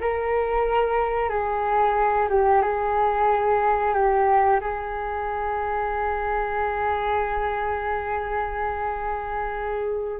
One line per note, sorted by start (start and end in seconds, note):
0.00 1.29 A#4
1.29 2.28 G#4
2.29 2.62 G4
2.62 3.94 G#4
3.94 4.59 G4
4.60 10.20 G#4